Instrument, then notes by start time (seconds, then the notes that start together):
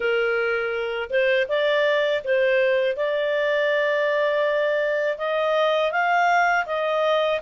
clarinet
0.00 A#4
1.09 C5
1.48 D5
2.24 C5
2.96 D5
5.18 D#5
5.91 F5
6.66 D#5